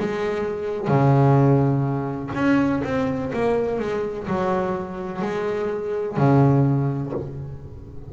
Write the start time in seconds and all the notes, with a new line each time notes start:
0.00 G#3
0.88 C#3
2.35 C#4
2.84 C4
3.33 A#3
3.80 G#3
4.28 F#3
5.22 G#3
6.17 C#3